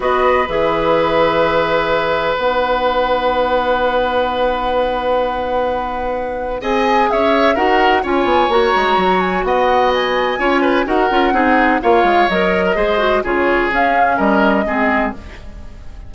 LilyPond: <<
  \new Staff \with { instrumentName = "flute" } { \time 4/4 \tempo 4 = 127 dis''4 e''2.~ | e''4 fis''2.~ | fis''1~ | fis''2 gis''4 e''4 |
fis''4 gis''4 ais''4. gis''8 | fis''4 gis''2 fis''4~ | fis''4 f''4 dis''2 | cis''4 f''4 dis''2 | }
  \new Staff \with { instrumentName = "oboe" } { \time 4/4 b'1~ | b'1~ | b'1~ | b'2 dis''4 cis''4 |
ais'4 cis''2. | dis''2 cis''8 b'8 ais'4 | gis'4 cis''4.~ cis''16 ais'16 c''4 | gis'2 ais'4 gis'4 | }
  \new Staff \with { instrumentName = "clarinet" } { \time 4/4 fis'4 gis'2.~ | gis'4 dis'2.~ | dis'1~ | dis'2 gis'2 |
fis'4 f'4 fis'2~ | fis'2 f'4 fis'8 f'8 | dis'4 f'4 ais'4 gis'8 fis'8 | f'4 cis'2 c'4 | }
  \new Staff \with { instrumentName = "bassoon" } { \time 4/4 b4 e2.~ | e4 b2.~ | b1~ | b2 c'4 cis'4 |
dis'4 cis'8 b8 ais8 gis8 fis4 | b2 cis'4 dis'8 cis'8 | c'4 ais8 gis8 fis4 gis4 | cis4 cis'4 g4 gis4 | }
>>